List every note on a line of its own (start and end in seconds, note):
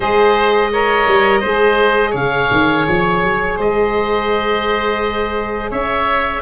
0.00 1.06 G#3
0.00 0.70 G#4
0.00 0.71 C5
0.00 2.14 D#5
0.71 1.43 A#4
0.71 1.40 C#5
1.07 1.43 G3
1.40 2.14 G#3
1.40 6.42 G#4
1.40 2.10 C5
2.10 2.49 C#3
2.10 3.53 C#5
2.10 2.86 F5
2.51 2.87 D#3
2.87 3.23 F3
2.87 3.58 C#5
3.23 3.58 F#3
3.56 5.71 G#3
3.56 5.70 C5
3.56 5.71 D#5
5.70 6.42 C#4
5.70 6.42 C#5
5.70 6.42 E5